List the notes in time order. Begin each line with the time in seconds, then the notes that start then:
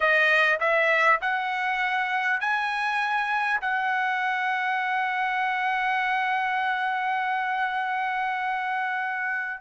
0.00 D#5
0.60 E5
1.21 F#5
2.40 G#5
3.61 F#5